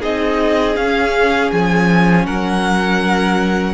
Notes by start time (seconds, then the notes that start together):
0.00 C4 D#4 G#4 D#5
0.75 C#4 F5
1.51 F3 G#5
2.26 F#3 A#4 F#5